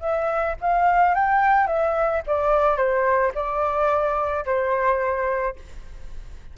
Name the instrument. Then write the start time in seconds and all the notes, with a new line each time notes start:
flute
0.00 E5
0.61 F5
1.14 G5
1.67 E5
2.26 D5
2.76 C5
3.34 D5
4.45 C5